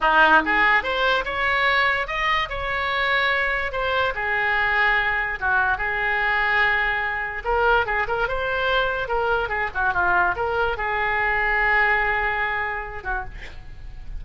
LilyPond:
\new Staff \with { instrumentName = "oboe" } { \time 4/4 \tempo 4 = 145 dis'4 gis'4 c''4 cis''4~ | cis''4 dis''4 cis''2~ | cis''4 c''4 gis'2~ | gis'4 fis'4 gis'2~ |
gis'2 ais'4 gis'8 ais'8 | c''2 ais'4 gis'8 fis'8 | f'4 ais'4 gis'2~ | gis'2.~ gis'8 fis'8 | }